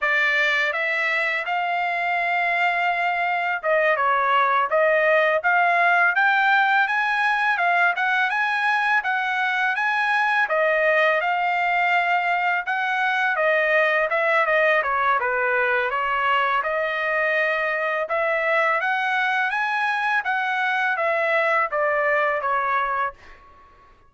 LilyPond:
\new Staff \with { instrumentName = "trumpet" } { \time 4/4 \tempo 4 = 83 d''4 e''4 f''2~ | f''4 dis''8 cis''4 dis''4 f''8~ | f''8 g''4 gis''4 f''8 fis''8 gis''8~ | gis''8 fis''4 gis''4 dis''4 f''8~ |
f''4. fis''4 dis''4 e''8 | dis''8 cis''8 b'4 cis''4 dis''4~ | dis''4 e''4 fis''4 gis''4 | fis''4 e''4 d''4 cis''4 | }